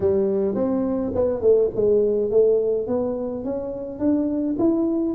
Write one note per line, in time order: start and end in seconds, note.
0.00 0.54 G3
0.54 1.11 C4
1.14 1.41 B3
1.41 1.70 A3
1.75 2.31 G#3
2.31 2.87 A3
2.87 3.44 B3
3.44 3.99 C#4
3.99 4.56 D4
4.58 5.14 E4